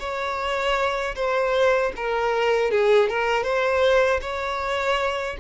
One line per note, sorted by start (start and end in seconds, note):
0.00 1.15 C#5
1.15 1.92 C5
1.97 2.71 A#4
2.71 3.09 G#4
3.09 3.44 A#4
3.44 4.21 C5
4.21 5.37 C#5